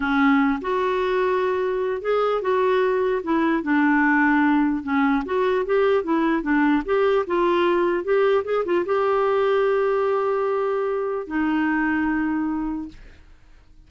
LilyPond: \new Staff \with { instrumentName = "clarinet" } { \time 4/4 \tempo 4 = 149 cis'4. fis'2~ fis'8~ | fis'4 gis'4 fis'2 | e'4 d'2. | cis'4 fis'4 g'4 e'4 |
d'4 g'4 f'2 | g'4 gis'8 f'8 g'2~ | g'1 | dis'1 | }